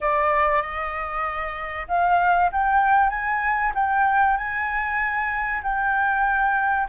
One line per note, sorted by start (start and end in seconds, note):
0.00 0.62 D5
0.62 1.87 D#5
1.88 2.50 F5
2.51 3.09 G5
3.09 3.72 G#5
3.74 4.37 G5
4.37 5.62 G#5
5.62 6.88 G5